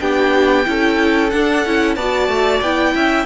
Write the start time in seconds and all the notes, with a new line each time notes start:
0.00 B3 D4 G4 G5
0.64 C#4 E4 A4
1.30 D4 F#5
1.65 C#4 E4
1.96 B3 F#4 D5 A5
2.28 A3
2.61 B3 E4 G5
2.95 C#4 E5